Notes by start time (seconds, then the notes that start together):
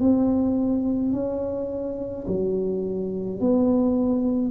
0.00 C4
1.13 C#4
2.27 F#3
3.40 B3